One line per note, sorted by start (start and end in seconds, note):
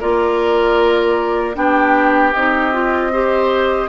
0.00 1.56 A#3
0.00 1.55 F4
0.00 1.56 A#4
0.00 1.55 D5
1.55 2.34 B3
1.55 2.32 D4
1.55 3.12 G4
1.55 2.33 G5
2.33 3.89 C4
2.33 2.72 D#4
2.33 3.89 D#5
2.72 3.11 F4
3.12 3.89 G4
3.12 3.89 C5